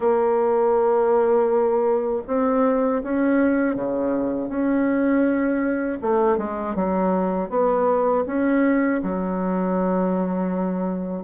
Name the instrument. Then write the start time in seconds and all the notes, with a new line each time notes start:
bassoon
0.00 A#3
2.27 C4
3.03 C#4
3.75 C#3
4.48 C#4
6.01 A3
6.37 G#3
6.75 F#3
7.49 B3
8.26 C#4
9.02 F#3